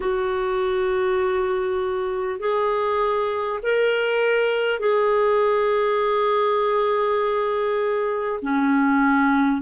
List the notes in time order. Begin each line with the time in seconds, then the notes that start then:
0.00 F#4
2.39 G#4
3.63 A#4
4.79 G#4
8.42 C#4